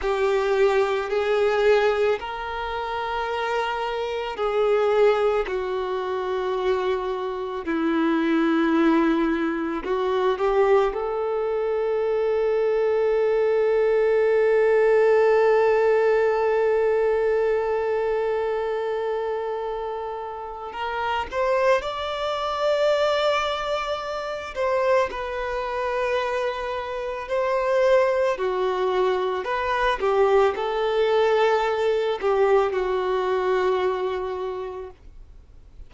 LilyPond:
\new Staff \with { instrumentName = "violin" } { \time 4/4 \tempo 4 = 55 g'4 gis'4 ais'2 | gis'4 fis'2 e'4~ | e'4 fis'8 g'8 a'2~ | a'1~ |
a'2. ais'8 c''8 | d''2~ d''8 c''8 b'4~ | b'4 c''4 fis'4 b'8 g'8 | a'4. g'8 fis'2 | }